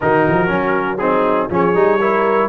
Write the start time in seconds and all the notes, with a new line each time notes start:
0.00 D#3 D#4 F#4 A#4
0.28 F3
0.47 F#3 C#4
0.97 C4 D#4 G#4
1.49 F3 C#4 G#4 C#5
1.74 G3 D#4
1.99 E4 A#4